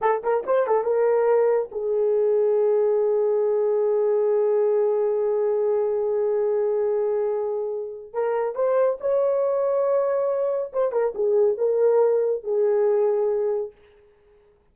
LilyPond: \new Staff \with { instrumentName = "horn" } { \time 4/4 \tempo 4 = 140 a'8 ais'8 c''8 a'8 ais'2 | gis'1~ | gis'1~ | gis'1~ |
gis'2. ais'4 | c''4 cis''2.~ | cis''4 c''8 ais'8 gis'4 ais'4~ | ais'4 gis'2. | }